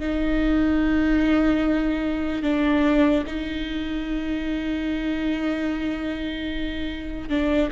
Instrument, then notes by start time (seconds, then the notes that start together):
viola
0.00 D#4
2.43 D4
3.27 D#4
7.29 D4